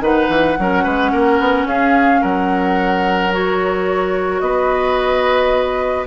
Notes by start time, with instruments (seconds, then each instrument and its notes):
0.00 bassoon D#3, clarinet D#4, oboe B4, flute F#5
0.29 bassoon E3
0.59 bassoon F#3, clarinet C#4, oboe A#4
0.84 bassoon G#3, oboe B4
1.12 bassoon A#3, oboe A#4
1.39 bassoon B3
1.65 bassoon C#4, oboe G#4, flute F5
2.22 bassoon F#3, oboe A#4, flute F#5
3.31 clarinet F#4, flute C#5
4.40 bassoon B3, oboe B4, flute D#5